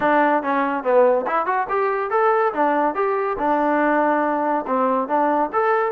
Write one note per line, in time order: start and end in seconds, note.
0.00 0.42 D4
0.42 0.83 C#4
0.83 1.25 B3
1.27 1.46 E4
1.46 1.67 F#4
1.69 2.10 G4
2.10 2.52 A4
2.53 2.94 D4
2.94 3.36 G4
3.38 4.65 D4
4.66 5.07 C4
5.07 5.50 D4
5.52 5.91 A4